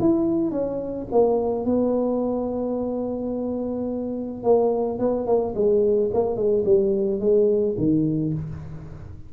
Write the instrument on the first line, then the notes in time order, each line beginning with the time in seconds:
tuba
0.00 E4
0.51 C#4
1.11 A#3
1.65 B3
4.43 A#3
4.99 B3
5.26 A#3
5.55 G#3
6.13 A#3
6.36 G#3
6.65 G3
7.20 G#3
7.78 D#3